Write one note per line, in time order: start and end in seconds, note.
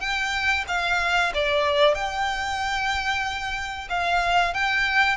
0.00 0.65 G5
0.68 1.32 F5
1.34 1.94 D5
1.94 3.88 G5
3.89 4.53 F5
4.53 5.16 G5